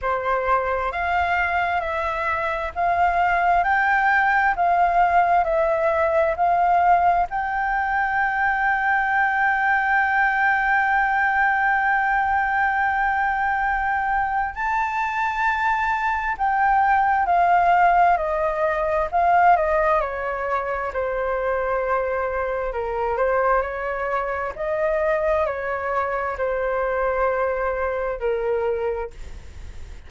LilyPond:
\new Staff \with { instrumentName = "flute" } { \time 4/4 \tempo 4 = 66 c''4 f''4 e''4 f''4 | g''4 f''4 e''4 f''4 | g''1~ | g''1 |
a''2 g''4 f''4 | dis''4 f''8 dis''8 cis''4 c''4~ | c''4 ais'8 c''8 cis''4 dis''4 | cis''4 c''2 ais'4 | }